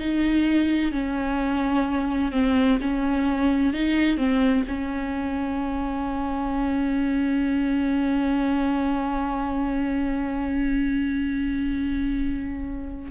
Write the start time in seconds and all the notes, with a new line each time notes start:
0.00 D#4
0.92 C#4
2.32 C4
2.82 C#4
3.74 D#4
4.18 C4
4.67 C#4